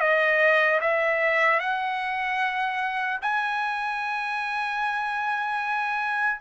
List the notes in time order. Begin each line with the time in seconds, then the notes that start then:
0.00 D#5
0.81 E5
1.60 F#5
3.21 G#5